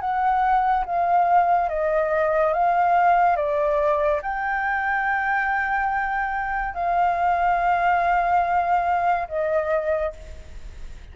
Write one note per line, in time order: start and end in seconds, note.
0.00 0.85 F#5
0.86 1.69 F5
1.69 2.53 D#5
2.53 3.36 F5
3.36 4.21 D5
4.22 6.75 G5
6.75 9.28 F5
9.28 10.13 D#5